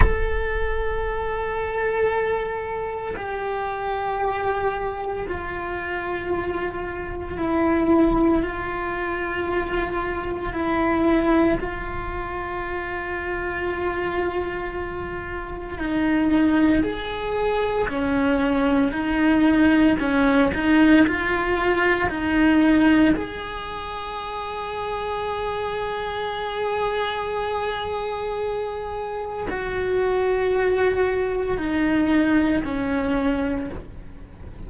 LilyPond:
\new Staff \with { instrumentName = "cello" } { \time 4/4 \tempo 4 = 57 a'2. g'4~ | g'4 f'2 e'4 | f'2 e'4 f'4~ | f'2. dis'4 |
gis'4 cis'4 dis'4 cis'8 dis'8 | f'4 dis'4 gis'2~ | gis'1 | fis'2 dis'4 cis'4 | }